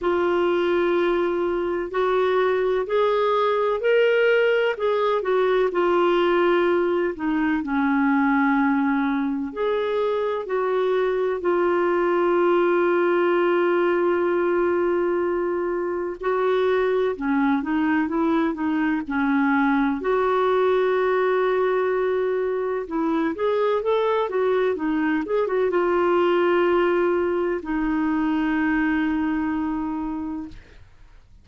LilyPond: \new Staff \with { instrumentName = "clarinet" } { \time 4/4 \tempo 4 = 63 f'2 fis'4 gis'4 | ais'4 gis'8 fis'8 f'4. dis'8 | cis'2 gis'4 fis'4 | f'1~ |
f'4 fis'4 cis'8 dis'8 e'8 dis'8 | cis'4 fis'2. | e'8 gis'8 a'8 fis'8 dis'8 gis'16 fis'16 f'4~ | f'4 dis'2. | }